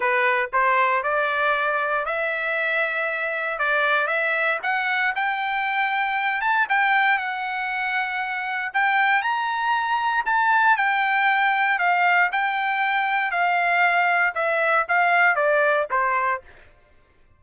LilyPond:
\new Staff \with { instrumentName = "trumpet" } { \time 4/4 \tempo 4 = 117 b'4 c''4 d''2 | e''2. d''4 | e''4 fis''4 g''2~ | g''8 a''8 g''4 fis''2~ |
fis''4 g''4 ais''2 | a''4 g''2 f''4 | g''2 f''2 | e''4 f''4 d''4 c''4 | }